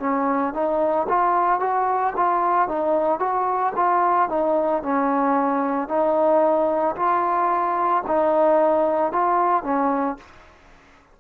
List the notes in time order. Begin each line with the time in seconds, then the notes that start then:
0.00 C#4
0.54 D#4
1.09 F4
1.60 F#4
2.16 F4
2.68 D#4
3.19 F#4
3.75 F4
4.29 D#4
4.82 C#4
5.88 D#4
6.96 F4
8.06 D#4
9.12 F4
9.63 C#4